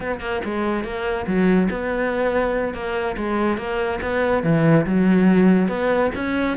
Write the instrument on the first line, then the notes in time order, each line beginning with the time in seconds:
cello
0.00 B3
0.20 A#3
0.44 G#3
0.84 A#3
1.26 F#3
1.70 B3
2.73 A#3
3.16 G#3
3.57 A#3
4.01 B3
4.43 E3
4.86 F#3
5.68 B3
6.15 C#4